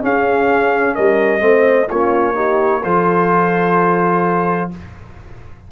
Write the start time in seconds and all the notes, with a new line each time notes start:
0.00 C#4 G#4 F5
0.95 G3 A#4 D#5
1.40 A3 C4 C5
1.88 A#3 C#4 F4 C#5
2.35 D#4 G4
2.84 F3 F4 A4 C5